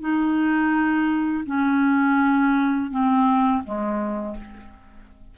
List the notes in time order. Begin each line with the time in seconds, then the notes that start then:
0.00 D#4
1.46 C#4
2.91 C4
3.64 G#3